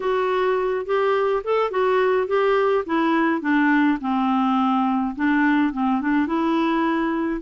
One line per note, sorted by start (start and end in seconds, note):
0.00 0.85 F#4
0.85 1.42 G4
1.44 1.70 A4
1.70 2.27 F#4
2.27 2.84 G4
2.85 3.41 E4
3.41 3.98 D4
4.01 5.15 C4
5.15 5.72 D4
5.72 6.01 C4
6.01 6.26 D4
6.26 7.41 E4